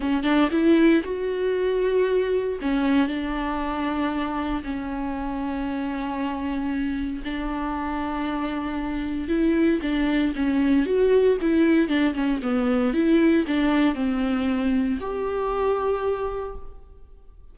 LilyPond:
\new Staff \with { instrumentName = "viola" } { \time 4/4 \tempo 4 = 116 cis'8 d'8 e'4 fis'2~ | fis'4 cis'4 d'2~ | d'4 cis'2.~ | cis'2 d'2~ |
d'2 e'4 d'4 | cis'4 fis'4 e'4 d'8 cis'8 | b4 e'4 d'4 c'4~ | c'4 g'2. | }